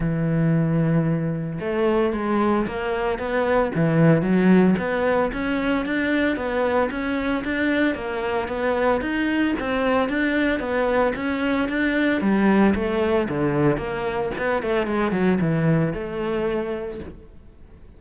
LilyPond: \new Staff \with { instrumentName = "cello" } { \time 4/4 \tempo 4 = 113 e2. a4 | gis4 ais4 b4 e4 | fis4 b4 cis'4 d'4 | b4 cis'4 d'4 ais4 |
b4 dis'4 c'4 d'4 | b4 cis'4 d'4 g4 | a4 d4 ais4 b8 a8 | gis8 fis8 e4 a2 | }